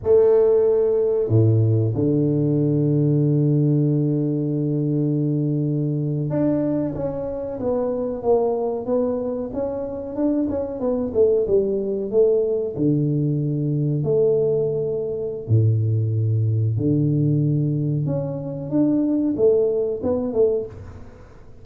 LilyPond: \new Staff \with { instrumentName = "tuba" } { \time 4/4 \tempo 4 = 93 a2 a,4 d4~ | d1~ | d4.~ d16 d'4 cis'4 b16~ | b8. ais4 b4 cis'4 d'16~ |
d'16 cis'8 b8 a8 g4 a4 d16~ | d4.~ d16 a2~ a16 | a,2 d2 | cis'4 d'4 a4 b8 a8 | }